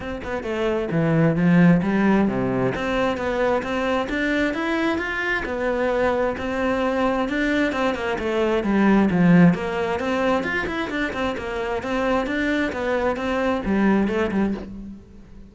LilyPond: \new Staff \with { instrumentName = "cello" } { \time 4/4 \tempo 4 = 132 c'8 b8 a4 e4 f4 | g4 c4 c'4 b4 | c'4 d'4 e'4 f'4 | b2 c'2 |
d'4 c'8 ais8 a4 g4 | f4 ais4 c'4 f'8 e'8 | d'8 c'8 ais4 c'4 d'4 | b4 c'4 g4 a8 g8 | }